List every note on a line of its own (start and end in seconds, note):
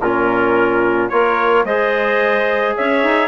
0.00 1.10 A#2
0.00 1.12 C#4
0.00 1.11 F4
0.00 1.09 A#4
1.09 1.65 A#3
1.09 1.67 F4
1.09 1.65 A#4
1.09 1.64 C#5
1.65 2.75 G#3
1.65 3.28 G#4
1.65 2.76 C5
1.65 2.75 D#5
2.77 3.03 C#4
2.77 3.28 C#5
2.77 3.28 E5
3.03 3.28 D#4